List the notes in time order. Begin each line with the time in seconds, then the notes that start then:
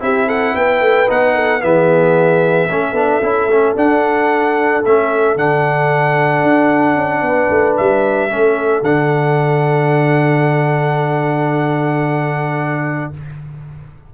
0.00 C4 E4 G4 E5
0.27 A4 F#5
0.55 B3 B4 G5
0.81 A3
1.07 B3 D#4 F#5
1.35 A4
1.62 E3 B3 G#4 E5
2.70 A3 C#4 A4
2.93 B3 D4
3.22 C#4 E4
3.48 A3 C#4
3.76 D4 F#5
4.85 A3 C#4 E5
5.36 D3 D4 F#5
6.43 D4
6.96 C#4
7.22 B3 B4
7.50 A3
7.77 G3 E5
8.30 A3 C#4 A4
8.82 D3 D4 F#5